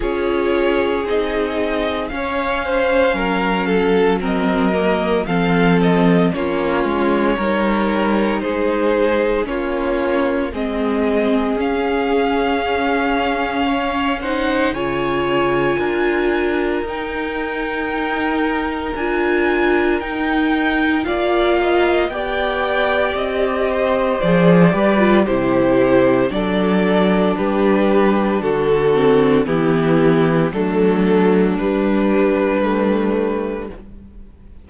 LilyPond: <<
  \new Staff \with { instrumentName = "violin" } { \time 4/4 \tempo 4 = 57 cis''4 dis''4 f''2 | dis''4 f''8 dis''8 cis''2 | c''4 cis''4 dis''4 f''4~ | f''4. fis''8 gis''2 |
g''2 gis''4 g''4 | f''4 g''4 dis''4 d''4 | c''4 d''4 b'4 a'4 | g'4 a'4 b'2 | }
  \new Staff \with { instrumentName = "violin" } { \time 4/4 gis'2 cis''8 c''8 ais'8 a'8 | ais'4 a'4 f'4 ais'4 | gis'4 f'4 gis'2~ | gis'4 cis''8 c''8 cis''4 ais'4~ |
ais'1 | d''8 dis''8 d''4. c''4 b'8 | g'4 a'4 g'4 fis'4 | e'4 d'2. | }
  \new Staff \with { instrumentName = "viola" } { \time 4/4 f'4 dis'4 cis'2 | c'8 ais8 c'4 cis'4 dis'4~ | dis'4 cis'4 c'4 cis'4~ | cis'4. dis'8 f'2 |
dis'2 f'4 dis'4 | f'4 g'2 gis'8 g'16 f'16 | e'4 d'2~ d'8 c'8 | b4 a4 g4 a4 | }
  \new Staff \with { instrumentName = "cello" } { \time 4/4 cis'4 c'4 cis'4 fis4~ | fis4 f4 ais8 gis8 g4 | gis4 ais4 gis4 cis'4~ | cis'2 cis4 d'4 |
dis'2 d'4 dis'4 | ais4 b4 c'4 f8 g8 | c4 fis4 g4 d4 | e4 fis4 g2 | }
>>